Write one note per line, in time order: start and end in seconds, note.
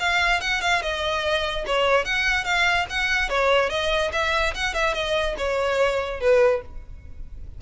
0.00 0.41 F5
0.41 0.62 F#5
0.62 0.82 F5
0.82 1.65 D#5
1.67 2.05 C#5
2.05 2.45 F#5
2.45 2.86 F5
2.90 3.29 F#5
3.29 3.70 C#5
3.70 4.11 D#5
4.13 4.54 E5
4.55 4.74 F#5
4.74 4.94 E5
4.94 5.36 D#5
5.38 6.21 C#5
6.21 6.62 B4